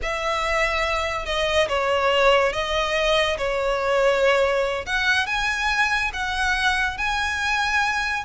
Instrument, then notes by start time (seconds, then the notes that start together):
violin
0.02 E5
1.25 D#5
1.68 C#5
2.52 D#5
3.37 C#5
4.86 F#5
5.26 G#5
6.13 F#5
6.97 G#5